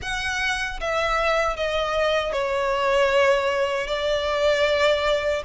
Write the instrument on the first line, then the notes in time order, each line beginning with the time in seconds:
violin
0.02 F#5
0.80 E5
1.56 D#5
2.32 C#5
3.87 D5